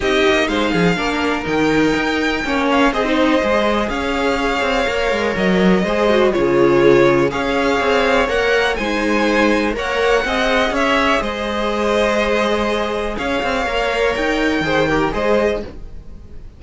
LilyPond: <<
  \new Staff \with { instrumentName = "violin" } { \time 4/4 \tempo 4 = 123 dis''4 f''2 g''4~ | g''4. f''8 dis''2 | f''2. dis''4~ | dis''4 cis''2 f''4~ |
f''4 fis''4 gis''2 | fis''2 e''4 dis''4~ | dis''2. f''4~ | f''4 g''2 dis''4 | }
  \new Staff \with { instrumentName = "violin" } { \time 4/4 g'4 c''8 gis'8 ais'2~ | ais'4 cis''4 c''2 | cis''1 | c''4 gis'2 cis''4~ |
cis''2 c''2 | cis''4 dis''4 cis''4 c''4~ | c''2. cis''4~ | cis''2 c''8 ais'8 c''4 | }
  \new Staff \with { instrumentName = "viola" } { \time 4/4 dis'2 d'4 dis'4~ | dis'4 cis'4 gis'16 dis'8. gis'4~ | gis'2 ais'2 | gis'8 fis'8 f'2 gis'4~ |
gis'4 ais'4 dis'2 | ais'4 gis'2.~ | gis'1 | ais'2 gis'8 g'8 gis'4 | }
  \new Staff \with { instrumentName = "cello" } { \time 4/4 c'8 ais8 gis8 f8 ais4 dis4 | dis'4 ais4 c'4 gis4 | cis'4. c'8 ais8 gis8 fis4 | gis4 cis2 cis'4 |
c'4 ais4 gis2 | ais4 c'4 cis'4 gis4~ | gis2. cis'8 c'8 | ais4 dis'4 dis4 gis4 | }
>>